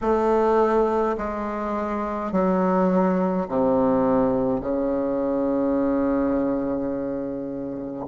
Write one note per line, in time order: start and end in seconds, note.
0.01 1.16 A3
1.17 2.32 G#3
2.32 3.47 F#3
3.48 4.60 C3
4.60 8.06 C#3